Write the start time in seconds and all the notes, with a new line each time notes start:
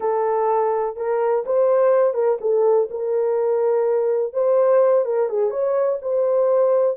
0.00 A4
0.96 A#4
1.46 C5
2.14 A#4
2.40 A4
2.90 A#4
4.33 C5
5.05 A#4
5.29 G#4
5.50 C#5
6.01 C5